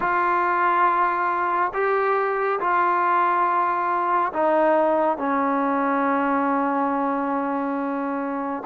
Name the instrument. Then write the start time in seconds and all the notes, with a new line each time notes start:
trombone
0.00 F4
1.73 G4
2.59 F4
4.33 D#4
5.17 C#4